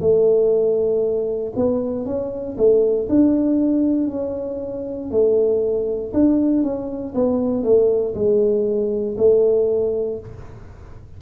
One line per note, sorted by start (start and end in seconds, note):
0.00 1.53 A3
1.55 2.05 B3
2.05 2.56 C#4
2.57 3.08 A3
3.09 4.10 D4
4.10 5.11 C#4
5.11 6.12 A3
6.13 6.63 D4
6.63 7.14 C#4
7.14 7.63 B3
7.63 8.14 A3
8.14 9.16 G#3
9.17 10.19 A3